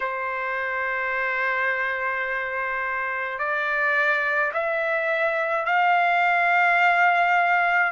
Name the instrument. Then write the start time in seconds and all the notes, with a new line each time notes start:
trumpet
0.00 C5
3.38 D5
4.53 E5
5.65 F5